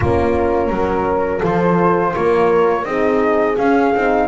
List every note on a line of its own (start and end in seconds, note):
0.00 0.69 A#3
0.00 1.41 C#4
0.00 0.70 F4
0.00 1.45 A#4
0.69 1.40 F#3
0.69 1.40 A#4
1.40 2.14 F3
1.40 2.84 F4
1.40 2.11 A4
1.40 2.14 C5
2.13 2.85 A#3
2.13 2.85 A#4
2.13 2.84 C#5
2.84 3.56 C4
2.84 3.57 D#4
2.84 4.28 G#4
2.84 3.56 D#5
3.57 3.93 C#4
3.57 3.94 C#4
3.57 4.28 F5
3.95 4.28 C4
3.95 4.28 D#4